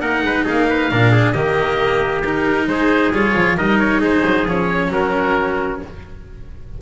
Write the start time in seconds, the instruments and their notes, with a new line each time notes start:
0.00 double bass A#3, cello D#4, trumpet A#4, oboe F#5
0.22 double bass G#3, trumpet B4
0.44 trumpet G#4, oboe F5
0.50 double bass A#3
0.69 trumpet B4
0.91 double bass A#2, cello D4, trumpet A#4
1.11 trumpet G#4
1.32 double bass D#3, cello A#3, trumpet G4, oboe D#5
2.24 cello D#4, oboe A#4
2.66 double bass G#3, trumpet G#4, oboe C5
3.11 double bass G3, cello F4, oboe C#5
3.35 double bass F3
3.57 double bass G3, cello D#4, trumpet A#4, oboe D#5
3.79 oboe C#5
4.00 double bass G#3, trumpet G#4, oboe C5
4.25 double bass F#3
4.45 double bass F3, cello C#4, oboe C#5
4.88 double bass F#3, trumpet F#4, oboe A#4